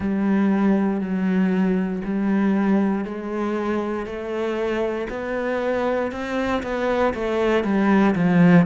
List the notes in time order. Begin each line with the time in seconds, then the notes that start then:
0.00 G3
1.00 F#3
2.04 G3
3.05 G#3
4.05 A3
5.09 B3
6.11 C4
6.62 B3
7.14 A3
7.64 G3
8.14 F3